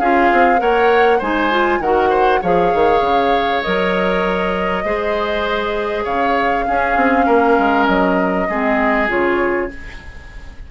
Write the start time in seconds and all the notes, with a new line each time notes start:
0.00 C#4 F4 G#4 F5
0.32 C4
0.58 A#3 A#4 C#5 F#5
1.19 G#3 D#4 C5 G#5
1.51 F4
1.80 D#3 F#4 A#4 F#5
2.10 C5
2.42 F3 G#4 C#5 F5
2.74 D#3
3.01 C#3
3.63 F#3 A#4 D#5
4.85 G#3 G#4 C5
6.04 C#3 C#5 F5
6.67 C#4 G#4
6.96 C4
7.26 A#3 A#4
7.59 G#3
7.87 F#3 D#5
8.49 G#3 C4 G#4
9.08 C#3 F4 C#5